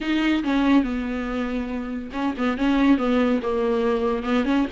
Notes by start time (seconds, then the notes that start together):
0.00 D#4
0.43 C#4
0.83 B3
2.13 C#4
2.37 B3
2.57 C#4
2.97 B3
3.42 A#3
4.23 B3
4.44 C#4